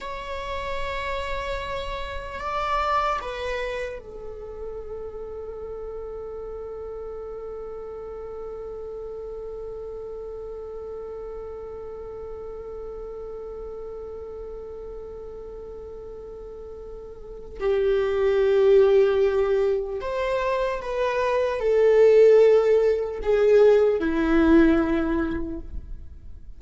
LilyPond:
\new Staff \with { instrumentName = "viola" } { \time 4/4 \tempo 4 = 75 cis''2. d''4 | b'4 a'2.~ | a'1~ | a'1~ |
a'1~ | a'2 g'2~ | g'4 c''4 b'4 a'4~ | a'4 gis'4 e'2 | }